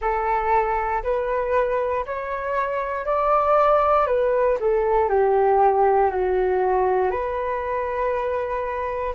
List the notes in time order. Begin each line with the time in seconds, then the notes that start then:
0.00 A4
1.03 B4
2.06 C#5
3.05 D5
4.07 B4
4.60 A4
5.09 G4
6.11 F#4
7.10 B4